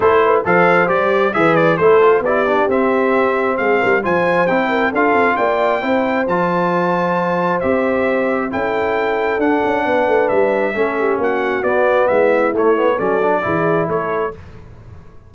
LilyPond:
<<
  \new Staff \with { instrumentName = "trumpet" } { \time 4/4 \tempo 4 = 134 c''4 f''4 d''4 e''8 d''8 | c''4 d''4 e''2 | f''4 gis''4 g''4 f''4 | g''2 a''2~ |
a''4 e''2 g''4~ | g''4 fis''2 e''4~ | e''4 fis''4 d''4 e''4 | cis''4 d''2 cis''4 | }
  \new Staff \with { instrumentName = "horn" } { \time 4/4 a'8 b'8 c''2 b'4 | a'4 g'2. | gis'8 ais'8 c''4. ais'8 a'4 | d''4 c''2.~ |
c''2. a'4~ | a'2 b'2 | a'8 g'8 fis'2 e'4~ | e'4 a'4 gis'4 a'4 | }
  \new Staff \with { instrumentName = "trombone" } { \time 4/4 e'4 a'4 g'4 gis'4 | e'8 f'8 e'8 d'8 c'2~ | c'4 f'4 e'4 f'4~ | f'4 e'4 f'2~ |
f'4 g'2 e'4~ | e'4 d'2. | cis'2 b2 | a8 b8 cis'8 d'8 e'2 | }
  \new Staff \with { instrumentName = "tuba" } { \time 4/4 a4 f4 g4 e4 | a4 b4 c'2 | gis8 g8 f4 c'4 d'8 c'8 | ais4 c'4 f2~ |
f4 c'2 cis'4~ | cis'4 d'8 cis'8 b8 a8 g4 | a4 ais4 b4 gis4 | a4 fis4 e4 a4 | }
>>